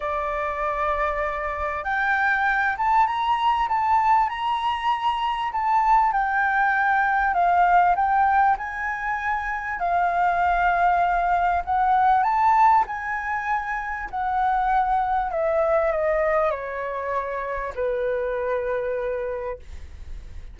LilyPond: \new Staff \with { instrumentName = "flute" } { \time 4/4 \tempo 4 = 98 d''2. g''4~ | g''8 a''8 ais''4 a''4 ais''4~ | ais''4 a''4 g''2 | f''4 g''4 gis''2 |
f''2. fis''4 | a''4 gis''2 fis''4~ | fis''4 e''4 dis''4 cis''4~ | cis''4 b'2. | }